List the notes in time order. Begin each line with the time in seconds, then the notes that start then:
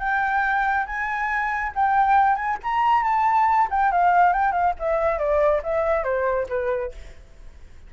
0.00 G5
0.86 G#5
1.75 G5
2.36 G#5
2.63 A#5
3.03 A5
3.70 G5
3.92 F5
4.33 G5
4.52 F5
4.79 E5
5.18 D5
5.64 E5
6.04 C5
6.49 B4